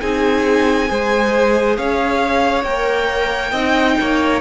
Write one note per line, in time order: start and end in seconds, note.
0.00 0.90 C4
0.00 0.88 D#4
0.00 0.90 G#4
0.00 1.76 G#5
0.88 1.78 G#3
0.88 2.65 G#4
0.88 1.77 C5
1.77 2.64 C#4
1.77 3.51 C#5
1.77 2.64 F5
2.64 3.52 A#3
2.64 3.55 A#4
2.64 4.41 G5
3.51 3.97 C4
3.51 4.41 D#4
3.51 3.95 D#5
4.01 4.41 A#3
4.01 4.41 C#5